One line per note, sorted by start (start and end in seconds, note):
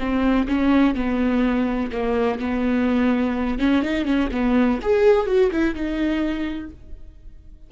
0.00 0.48 C4
0.48 0.95 C#4
0.95 1.91 B3
1.92 2.40 A#3
2.40 3.59 B3
3.59 3.83 C#4
3.83 4.05 D#4
4.05 4.29 C#4
4.32 4.80 B3
4.82 5.27 G#4
5.27 5.51 F#4
5.52 5.75 E4
5.75 6.71 D#4